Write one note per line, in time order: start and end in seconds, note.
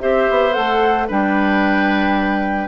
0.00 0.29 C4
0.00 0.52 G4
0.00 1.07 C5
0.00 0.53 E5
0.30 0.56 B3
0.52 1.10 A3
0.52 1.06 A4
0.52 1.07 F#5
1.07 2.68 G3
1.07 2.68 D4
1.07 2.68 B4
1.07 2.68 G5